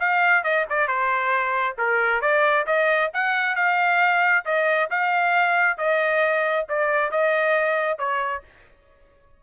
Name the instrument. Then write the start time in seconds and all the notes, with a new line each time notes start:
trumpet
0.00 F5
0.44 D#5
0.70 D5
0.88 C5
1.78 A#4
2.21 D5
2.67 D#5
3.14 F#5
3.56 F5
4.46 D#5
4.91 F5
5.78 D#5
6.69 D5
7.12 D#5
7.99 C#5